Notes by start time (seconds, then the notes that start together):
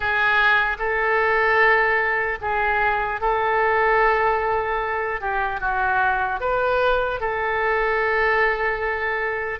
0.00 G#4
0.79 A4
2.41 G#4
3.20 A4
5.20 G4
5.60 F#4
6.40 B4
7.20 A4